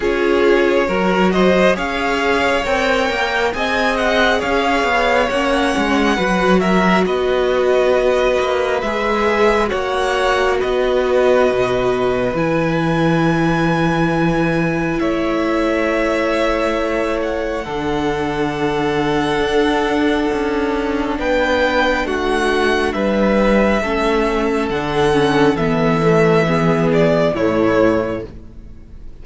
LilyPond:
<<
  \new Staff \with { instrumentName = "violin" } { \time 4/4 \tempo 4 = 68 cis''4. dis''8 f''4 g''4 | gis''8 fis''8 f''4 fis''4. e''8 | dis''2 e''4 fis''4 | dis''2 gis''2~ |
gis''4 e''2~ e''8 fis''8~ | fis''1 | g''4 fis''4 e''2 | fis''4 e''4. d''8 cis''4 | }
  \new Staff \with { instrumentName = "violin" } { \time 4/4 gis'4 ais'8 c''8 cis''2 | dis''4 cis''2 b'8 ais'8 | b'2. cis''4 | b'1~ |
b'4 cis''2. | a'1 | b'4 fis'4 b'4 a'4~ | a'2 gis'4 e'4 | }
  \new Staff \with { instrumentName = "viola" } { \time 4/4 f'4 fis'4 gis'4 ais'4 | gis'2 cis'4 fis'4~ | fis'2 gis'4 fis'4~ | fis'2 e'2~ |
e'1 | d'1~ | d'2. cis'4 | d'8 cis'8 b8 a8 b4 a4 | }
  \new Staff \with { instrumentName = "cello" } { \time 4/4 cis'4 fis4 cis'4 c'8 ais8 | c'4 cis'8 b8 ais8 gis8 fis4 | b4. ais8 gis4 ais4 | b4 b,4 e2~ |
e4 a2. | d2 d'4 cis'4 | b4 a4 g4 a4 | d4 e2 a,4 | }
>>